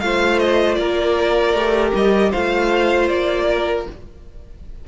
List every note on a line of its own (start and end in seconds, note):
0.00 0.77 A3
0.00 1.57 F4
0.00 0.79 C5
0.00 0.38 F5
0.39 0.74 D#5
0.74 1.53 A#3
0.74 2.30 A#4
0.74 1.90 D5
1.53 1.92 A3
1.53 2.33 G4
1.94 2.33 G3
1.94 2.32 D#5
2.30 3.09 A3
2.30 3.87 F4
2.30 3.46 C5
2.30 3.08 F5
3.08 3.86 A#3
3.08 3.85 D5
3.49 3.87 A#4